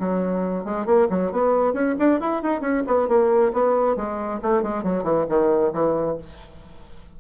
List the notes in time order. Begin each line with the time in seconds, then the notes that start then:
0.00 F#3
0.65 G#3
0.86 A#3
1.10 F#3
1.32 B3
1.73 C#4
1.99 D4
2.20 E4
2.43 D#4
2.61 C#4
2.87 B3
3.08 A#3
3.53 B3
3.96 G#3
4.42 A3
4.63 G#3
4.84 F#3
5.04 E3
5.29 D#3
5.73 E3